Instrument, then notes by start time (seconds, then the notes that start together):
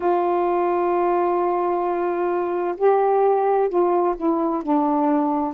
saxophone
0.00 F4
2.77 G4
3.69 F4
4.16 E4
4.62 D4